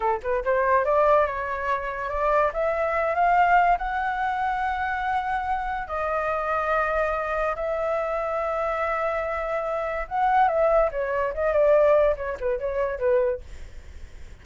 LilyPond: \new Staff \with { instrumentName = "flute" } { \time 4/4 \tempo 4 = 143 a'8 b'8 c''4 d''4 cis''4~ | cis''4 d''4 e''4. f''8~ | f''4 fis''2.~ | fis''2 dis''2~ |
dis''2 e''2~ | e''1 | fis''4 e''4 cis''4 dis''8 d''8~ | d''4 cis''8 b'8 cis''4 b'4 | }